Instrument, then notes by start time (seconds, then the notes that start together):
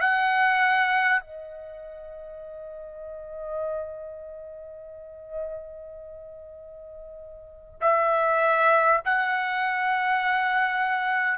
trumpet
0.00 F#5
1.21 D#5
7.81 E5
9.05 F#5